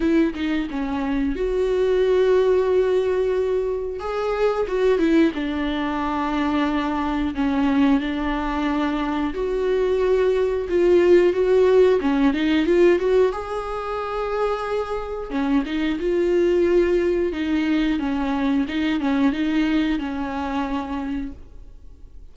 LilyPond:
\new Staff \with { instrumentName = "viola" } { \time 4/4 \tempo 4 = 90 e'8 dis'8 cis'4 fis'2~ | fis'2 gis'4 fis'8 e'8 | d'2. cis'4 | d'2 fis'2 |
f'4 fis'4 cis'8 dis'8 f'8 fis'8 | gis'2. cis'8 dis'8 | f'2 dis'4 cis'4 | dis'8 cis'8 dis'4 cis'2 | }